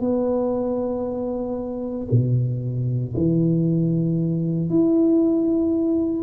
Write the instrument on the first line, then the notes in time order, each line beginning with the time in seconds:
tuba
0.00 B3
2.11 B2
3.16 E3
4.69 E4